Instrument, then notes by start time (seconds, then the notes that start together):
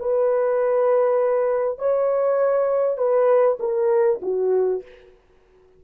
horn
0.00 B4
1.79 C#5
2.98 B4
3.60 A#4
4.22 F#4